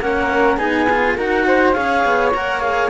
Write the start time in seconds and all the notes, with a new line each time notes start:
0.00 A#3 C#4 A#4 F#5
0.57 B3 D#4 G#4 G#5
0.90 F4
1.16 D#4 F#4 A#4 F#5
1.47 C5
1.73 C#4 G#4 C#5 F5
2.05 B3
2.34 A#3 A#4 F#5
2.60 G#4 F5